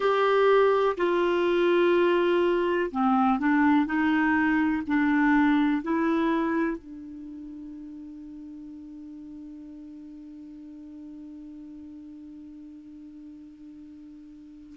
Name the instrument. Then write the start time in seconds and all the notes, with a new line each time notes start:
clarinet
0.00 G4
0.97 F4
2.91 C4
3.39 D4
3.86 D#4
4.87 D4
5.82 E4
6.77 D4